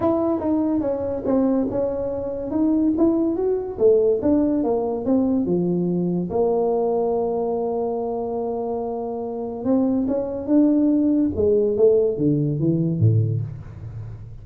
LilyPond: \new Staff \with { instrumentName = "tuba" } { \time 4/4 \tempo 4 = 143 e'4 dis'4 cis'4 c'4 | cis'2 dis'4 e'4 | fis'4 a4 d'4 ais4 | c'4 f2 ais4~ |
ais1~ | ais2. c'4 | cis'4 d'2 gis4 | a4 d4 e4 a,4 | }